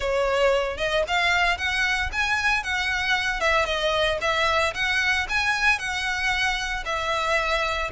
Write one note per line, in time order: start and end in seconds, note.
0.00 0.77 C#5
0.77 1.03 D#5
1.07 1.57 F5
1.57 2.10 F#5
2.12 2.63 G#5
2.63 3.40 F#5
3.40 3.65 E5
3.65 4.18 D#5
4.21 4.73 E5
4.74 5.26 F#5
5.29 5.78 G#5
5.78 6.84 F#5
6.85 7.90 E5